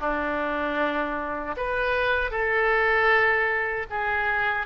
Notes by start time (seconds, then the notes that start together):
0.00 D4
1.57 B4
2.31 A4
3.90 G#4